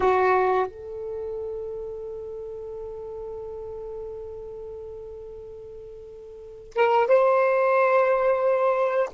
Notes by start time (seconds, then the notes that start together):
0.00 F#4
0.66 A4
6.75 A#4
7.07 C5